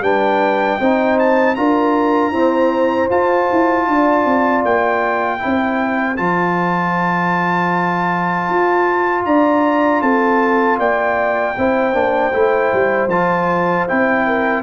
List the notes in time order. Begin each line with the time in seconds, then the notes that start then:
0.00 G3 D4 B4 G5
0.79 C4 D#4 C5
1.19 A5
1.55 D4 F4 A#4 A#5
2.31 C4 E4 C5
3.09 F4 A5
3.52 E4
3.87 D4 D5
4.25 C4
4.64 A#3 G5
5.39 C4 E4 C5
6.16 F3 F4 A5
8.49 F4
9.25 D4 D5 A#5
10.02 C4 A4 A5
10.78 A#3 D5 G5
11.57 C4 E4 C5
11.93 A#3 D4
12.33 A3 E4
12.73 G3
13.07 F3 F4 A5
13.88 C4 E4 G5
14.26 A#4